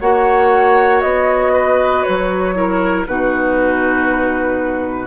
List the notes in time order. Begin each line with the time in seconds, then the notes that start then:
0.00 A#3 F#4 C#5 F#5
1.01 B3 D#5
1.53 B4
2.03 F#3 C#5
2.54 E4 A#4
3.06 B2 D#4 F#4 B4